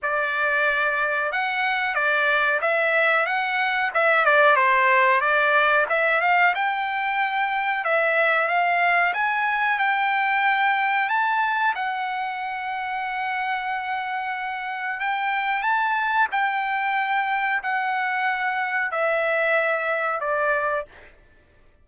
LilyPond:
\new Staff \with { instrumentName = "trumpet" } { \time 4/4 \tempo 4 = 92 d''2 fis''4 d''4 | e''4 fis''4 e''8 d''8 c''4 | d''4 e''8 f''8 g''2 | e''4 f''4 gis''4 g''4~ |
g''4 a''4 fis''2~ | fis''2. g''4 | a''4 g''2 fis''4~ | fis''4 e''2 d''4 | }